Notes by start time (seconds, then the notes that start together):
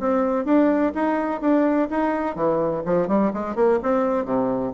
0.00 C4
0.45 D4
0.95 D#4
1.41 D4
1.90 D#4
2.36 E3
2.86 F3
3.08 G3
3.34 G#3
3.56 A#3
3.83 C4
4.25 C3